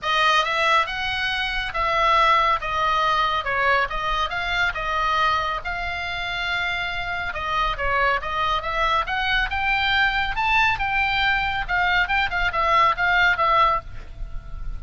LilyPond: \new Staff \with { instrumentName = "oboe" } { \time 4/4 \tempo 4 = 139 dis''4 e''4 fis''2 | e''2 dis''2 | cis''4 dis''4 f''4 dis''4~ | dis''4 f''2.~ |
f''4 dis''4 cis''4 dis''4 | e''4 fis''4 g''2 | a''4 g''2 f''4 | g''8 f''8 e''4 f''4 e''4 | }